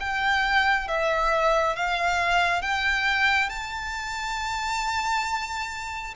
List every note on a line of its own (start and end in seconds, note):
0.00 0.88 G5
0.88 1.76 E5
1.76 2.62 F5
2.62 3.49 G5
3.49 6.14 A5